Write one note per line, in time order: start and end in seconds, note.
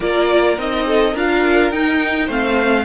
0.00 0.57 A#3
0.00 0.57 F4
0.00 0.86 A#4
0.00 0.58 D5
0.57 1.14 C4
0.57 1.14 D#4
0.57 1.16 D#5
0.87 1.12 A4
1.12 1.71 D4
1.12 1.73 F4
1.12 2.26 A#4
1.12 1.71 F5
1.71 2.28 D#4
1.71 2.28 G5
2.26 2.84 A3
2.26 2.84 C4
2.26 2.83 C5
2.26 2.84 F5